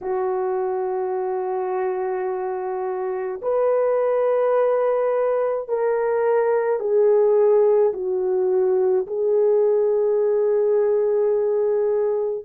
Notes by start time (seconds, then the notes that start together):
0.01 F#4
3.42 B4
5.68 A#4
6.79 G#4
7.93 F#4
9.06 G#4